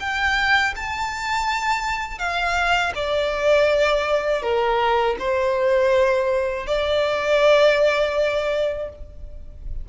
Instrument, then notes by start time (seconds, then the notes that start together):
violin
0.00 G5
0.76 A5
2.19 F5
2.95 D5
4.42 A#4
5.19 C5
6.67 D5